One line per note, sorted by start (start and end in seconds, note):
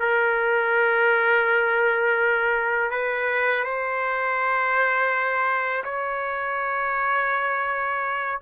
0.00 2.91 A#4
2.91 3.64 B4
3.64 5.84 C5
5.84 8.40 C#5